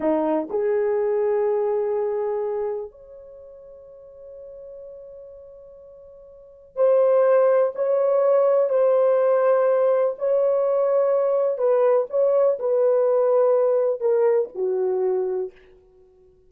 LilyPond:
\new Staff \with { instrumentName = "horn" } { \time 4/4 \tempo 4 = 124 dis'4 gis'2.~ | gis'2 cis''2~ | cis''1~ | cis''2 c''2 |
cis''2 c''2~ | c''4 cis''2. | b'4 cis''4 b'2~ | b'4 ais'4 fis'2 | }